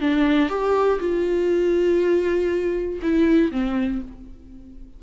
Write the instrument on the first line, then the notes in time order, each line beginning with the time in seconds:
viola
0.00 D4
0.49 G4
0.99 F4
3.02 E4
3.51 C4